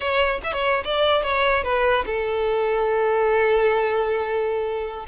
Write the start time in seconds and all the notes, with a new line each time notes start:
0.00 C#5
0.43 E5
0.52 C#5
0.84 D5
1.22 C#5
1.63 B4
2.06 A4